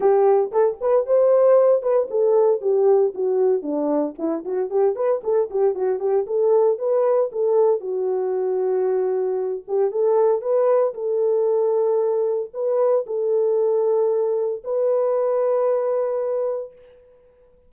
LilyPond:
\new Staff \with { instrumentName = "horn" } { \time 4/4 \tempo 4 = 115 g'4 a'8 b'8 c''4. b'8 | a'4 g'4 fis'4 d'4 | e'8 fis'8 g'8 b'8 a'8 g'8 fis'8 g'8 | a'4 b'4 a'4 fis'4~ |
fis'2~ fis'8 g'8 a'4 | b'4 a'2. | b'4 a'2. | b'1 | }